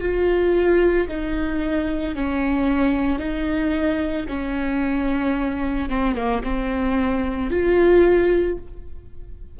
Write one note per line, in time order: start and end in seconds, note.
0.00 1.07 F4
1.08 2.15 D#4
2.15 3.19 C#4
3.19 4.26 D#4
4.28 5.89 C#4
5.89 6.15 C4
6.15 6.42 A#3
6.43 7.50 C4
7.50 8.57 F4